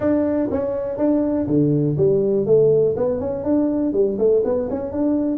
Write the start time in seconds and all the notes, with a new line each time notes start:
0.00 D4
0.51 C#4
0.97 D4
1.47 D3
1.97 G3
2.46 A3
2.96 B3
3.19 C#4
3.44 D4
3.92 G3
4.18 A3
4.44 B3
4.70 C#4
4.92 D4